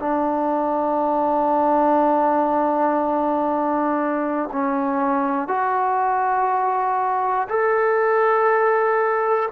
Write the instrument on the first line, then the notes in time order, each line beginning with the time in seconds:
trombone
0.00 D4
4.52 C#4
5.48 F#4
7.50 A4